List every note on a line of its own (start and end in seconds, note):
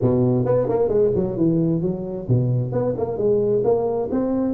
0.01 0.45 B2
0.45 0.67 B3
0.68 0.88 A#3
0.88 1.11 G#3
1.15 1.37 F#3
1.37 1.81 E3
1.81 2.27 F#3
2.28 2.72 B2
2.72 2.94 B3
2.97 3.17 A#3
3.17 3.63 G#3
3.64 4.09 A#3
4.11 4.54 C4